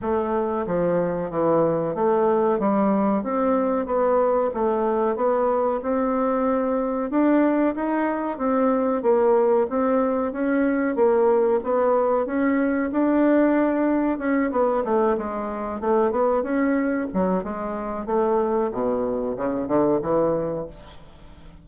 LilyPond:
\new Staff \with { instrumentName = "bassoon" } { \time 4/4 \tempo 4 = 93 a4 f4 e4 a4 | g4 c'4 b4 a4 | b4 c'2 d'4 | dis'4 c'4 ais4 c'4 |
cis'4 ais4 b4 cis'4 | d'2 cis'8 b8 a8 gis8~ | gis8 a8 b8 cis'4 fis8 gis4 | a4 b,4 cis8 d8 e4 | }